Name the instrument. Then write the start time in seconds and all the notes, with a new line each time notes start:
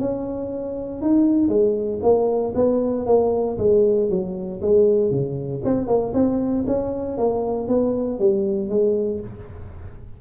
tuba
0.00 C#4
1.02 D#4
1.49 G#3
2.03 A#3
2.55 B3
3.06 A#3
3.59 G#3
4.10 F#3
4.62 G#3
5.11 C#3
5.65 C4
5.87 A#3
6.14 C4
6.67 C#4
7.18 A#3
7.68 B3
8.20 G3
8.69 G#3